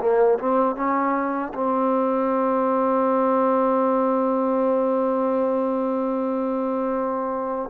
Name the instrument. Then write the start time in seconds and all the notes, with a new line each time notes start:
trombone
0.00 A#3
0.39 C4
0.76 C#4
1.54 C4